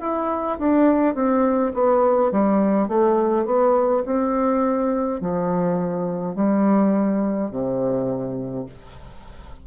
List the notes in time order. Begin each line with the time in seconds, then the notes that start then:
0.00 E4
0.58 D4
1.14 C4
1.73 B3
2.31 G3
2.88 A3
3.45 B3
4.05 C4
5.20 F3
6.35 G3
7.50 C3